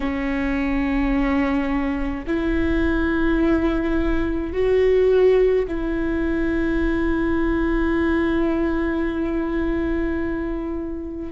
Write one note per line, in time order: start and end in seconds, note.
0.00 2.25 C#4
2.26 4.52 E4
4.52 5.66 F#4
5.67 11.32 E4